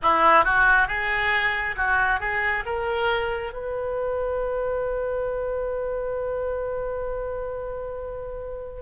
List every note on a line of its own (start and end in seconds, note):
0.02 0.44 E4
0.44 0.87 F#4
0.87 1.75 G#4
1.76 2.20 F#4
2.20 2.64 G#4
2.65 3.53 A#4
3.53 8.81 B4